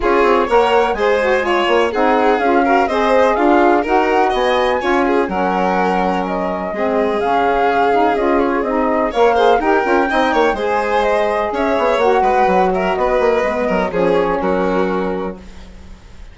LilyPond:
<<
  \new Staff \with { instrumentName = "flute" } { \time 4/4 \tempo 4 = 125 cis''4 fis''4 gis''2 | fis''4 f''4 dis''4 f''4 | fis''4 gis''2 fis''4~ | fis''4 dis''2 f''4~ |
f''4 dis''8 cis''8 dis''4 f''4 | g''2 gis''4 dis''4 | e''4 fis''4. e''8 dis''4~ | dis''4 cis''4 ais'2 | }
  \new Staff \with { instrumentName = "violin" } { \time 4/4 gis'4 cis''4 c''4 cis''4 | gis'4. ais'8 c''4 f'4 | ais'4 dis''4 cis''8 gis'8 ais'4~ | ais'2 gis'2~ |
gis'2. cis''8 c''8 | ais'4 dis''8 cis''8 c''2 | cis''4. b'4 ais'8 b'4~ | b'8 ais'8 gis'4 fis'2 | }
  \new Staff \with { instrumentName = "saxophone" } { \time 4/4 f'4 ais'4 gis'8 fis'8 f'4 | dis'4 f'8 fis'8 gis'2 | fis'2 f'4 cis'4~ | cis'2 c'4 cis'4~ |
cis'8 dis'8 f'4 dis'4 ais'8 gis'8 | g'8 f'8 dis'4 gis'2~ | gis'4 fis'2. | b4 cis'2. | }
  \new Staff \with { instrumentName = "bassoon" } { \time 4/4 cis'8 c'8 ais4 gis4. ais8 | c'4 cis'4 c'4 d'4 | dis'4 b4 cis'4 fis4~ | fis2 gis4 cis4~ |
cis4 cis'4 c'4 ais4 | dis'8 cis'8 c'8 ais8 gis2 | cis'8 b8 ais8 gis8 fis4 b8 ais8 | gis8 fis8 f4 fis2 | }
>>